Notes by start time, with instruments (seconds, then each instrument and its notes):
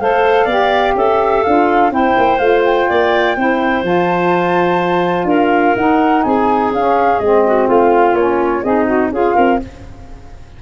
0.00 tuba A3, saxophone A4, clarinet C5, flute F5
0.45 tuba B3, saxophone G4, clarinet D5
0.95 tuba C#4, clarinet A4, flute E5
1.43 tuba D4, saxophone F4, flute F5
1.90 tuba C4, saxophone E4, clarinet C5, flute G5
2.18 tuba A#3
2.39 tuba A3, saxophone F4, flute F5
2.65 flute G5
2.89 tuba A#3, clarinet D5
3.37 tuba C4, saxophone E4, clarinet C5
3.83 tuba F3, saxophone F4, flute A5
5.24 tuba D4, clarinet A#4, flute F5
5.76 tuba D#4, saxophone D#4, flute F#5
6.23 tuba C4, clarinet G#4, flute G#5
6.71 tuba C#4, saxophone C#4, flute F5
7.19 tuba G#3, saxophone C4, flute D#5
7.46 clarinet F#4
7.67 tuba A3, clarinet F4, flute F5
8.14 tuba A#3, saxophone C#4, flute C#5
8.63 tuba C4, clarinet D#4, saxophone G#4, flute D#5
8.85 saxophone F#4
9.11 tuba C#4, saxophone F4, clarinet G#4, flute F5
9.35 tuba C4, clarinet A#4